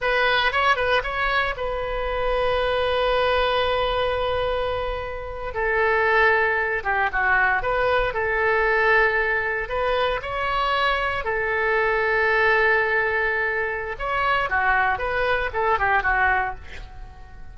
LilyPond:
\new Staff \with { instrumentName = "oboe" } { \time 4/4 \tempo 4 = 116 b'4 cis''8 b'8 cis''4 b'4~ | b'1~ | b'2~ b'8. a'4~ a'16~ | a'4~ a'16 g'8 fis'4 b'4 a'16~ |
a'2~ a'8. b'4 cis''16~ | cis''4.~ cis''16 a'2~ a'16~ | a'2. cis''4 | fis'4 b'4 a'8 g'8 fis'4 | }